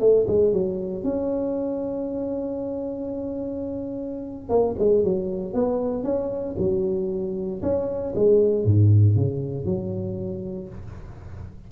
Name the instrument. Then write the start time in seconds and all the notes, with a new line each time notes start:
tuba
0.00 A3
0.28 G#3
0.52 F#3
1.03 C#4
4.49 A#3
4.79 G#3
5.03 F#3
5.53 B3
6.04 C#4
6.58 F#3
7.62 C#4
8.15 G#3
8.64 G#2
9.16 C#3
9.65 F#3